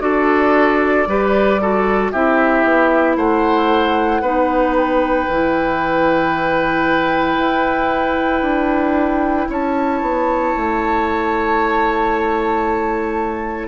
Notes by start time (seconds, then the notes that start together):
0.00 D4 F#4 A4 D5
1.07 G3 G4 B4
1.62 F#4 A4
2.12 C4 E4 G4 E5
2.64 B3
3.17 A3 C5 F#5
4.22 B3 D#4 B4
4.77 G5
5.28 E3 E4
7.38 E4
8.42 D4
9.49 C#4 C#5 A5
10.02 B3
10.57 A3